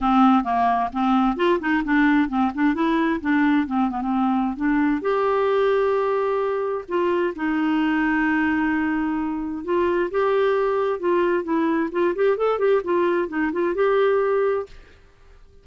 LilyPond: \new Staff \with { instrumentName = "clarinet" } { \time 4/4 \tempo 4 = 131 c'4 ais4 c'4 f'8 dis'8 | d'4 c'8 d'8 e'4 d'4 | c'8 b16 c'4~ c'16 d'4 g'4~ | g'2. f'4 |
dis'1~ | dis'4 f'4 g'2 | f'4 e'4 f'8 g'8 a'8 g'8 | f'4 dis'8 f'8 g'2 | }